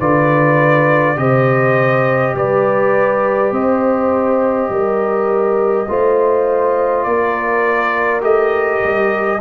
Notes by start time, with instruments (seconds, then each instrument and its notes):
0.00 tuba D3, trombone F4, horn B4, trumpet D5
1.16 tuba C3, trombone G4, horn C5, trumpet D#5
2.35 tuba G3, horn B4, trumpet D5
3.51 tuba C4, horn C5, trumpet D#5
4.69 tuba G3, horn A#4
5.88 tuba A3, trombone F4, horn C5
7.03 tuba A#3, horn A#4, trumpet D5
8.21 tuba A3, trombone G4, trumpet D#5
8.84 tuba G3